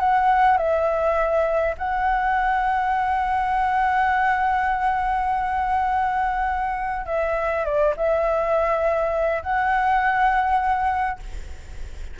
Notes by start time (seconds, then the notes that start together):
0.00 F#5
0.57 E5
1.78 F#5
7.06 E5
7.65 D5
7.97 E5
9.43 F#5